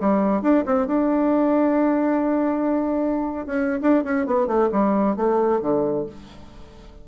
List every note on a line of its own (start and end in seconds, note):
0.00 0.42 G3
0.42 0.64 D4
0.66 0.87 C4
0.87 3.46 D4
3.46 3.80 C#4
3.81 4.04 D4
4.04 4.26 C#4
4.26 4.47 B3
4.47 4.69 A3
4.72 5.16 G3
5.16 5.61 A3
5.61 6.06 D3